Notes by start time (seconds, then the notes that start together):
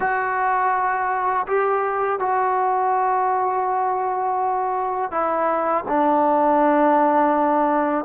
0.00 F#4
1.47 G4
2.19 F#4
5.11 E4
5.87 D4